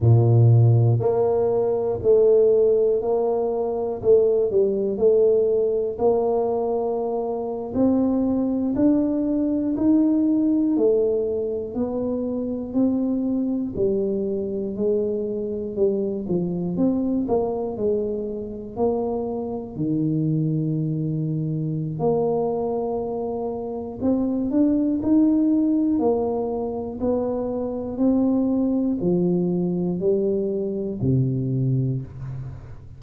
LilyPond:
\new Staff \with { instrumentName = "tuba" } { \time 4/4 \tempo 4 = 60 ais,4 ais4 a4 ais4 | a8 g8 a4 ais4.~ ais16 c'16~ | c'8. d'4 dis'4 a4 b16~ | b8. c'4 g4 gis4 g16~ |
g16 f8 c'8 ais8 gis4 ais4 dis16~ | dis2 ais2 | c'8 d'8 dis'4 ais4 b4 | c'4 f4 g4 c4 | }